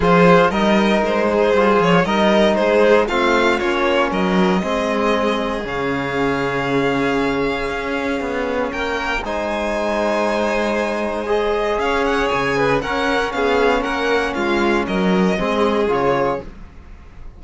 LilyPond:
<<
  \new Staff \with { instrumentName = "violin" } { \time 4/4 \tempo 4 = 117 c''4 dis''4 c''4. cis''8 | dis''4 c''4 f''4 cis''4 | dis''2. f''4~ | f''1~ |
f''4 g''4 gis''2~ | gis''2 dis''4 f''8 fis''8 | gis''4 fis''4 f''4 fis''4 | f''4 dis''2 cis''4 | }
  \new Staff \with { instrumentName = "violin" } { \time 4/4 gis'4 ais'4. gis'4. | ais'4 gis'4 f'2 | ais'4 gis'2.~ | gis'1~ |
gis'4 ais'4 c''2~ | c''2. cis''4~ | cis''8 b'8 ais'4 gis'4 ais'4 | f'4 ais'4 gis'2 | }
  \new Staff \with { instrumentName = "trombone" } { \time 4/4 f'4 dis'2 f'4 | dis'2 c'4 cis'4~ | cis'4 c'2 cis'4~ | cis'1~ |
cis'2 dis'2~ | dis'2 gis'2~ | gis'4 cis'2.~ | cis'2 c'4 f'4 | }
  \new Staff \with { instrumentName = "cello" } { \time 4/4 f4 g4 gis4 g8 f8 | g4 gis4 a4 ais4 | fis4 gis2 cis4~ | cis2. cis'4 |
b4 ais4 gis2~ | gis2. cis'4 | cis4 cis'4 b4 ais4 | gis4 fis4 gis4 cis4 | }
>>